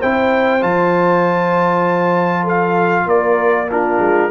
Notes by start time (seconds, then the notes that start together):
0.00 C4 E4 C5 G5
0.61 F3 F4 A5
2.43 A4 F5
3.06 A#3 A#4 D5
3.70 D4 F4 A#4
3.99 G#3